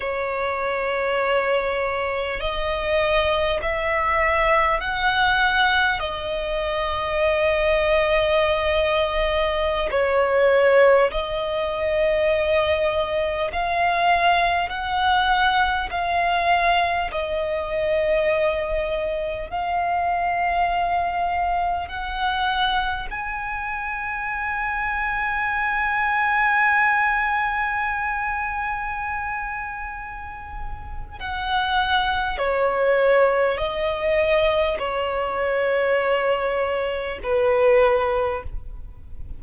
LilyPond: \new Staff \with { instrumentName = "violin" } { \time 4/4 \tempo 4 = 50 cis''2 dis''4 e''4 | fis''4 dis''2.~ | dis''16 cis''4 dis''2 f''8.~ | f''16 fis''4 f''4 dis''4.~ dis''16~ |
dis''16 f''2 fis''4 gis''8.~ | gis''1~ | gis''2 fis''4 cis''4 | dis''4 cis''2 b'4 | }